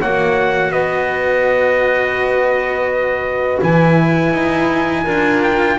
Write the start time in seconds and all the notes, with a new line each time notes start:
0.00 A#3 F#4 C#5 F#5
0.69 B3 B4 D#5
3.61 E3 E4 G#5
4.34 D#4
5.04 D4 F4 A#4
5.43 G5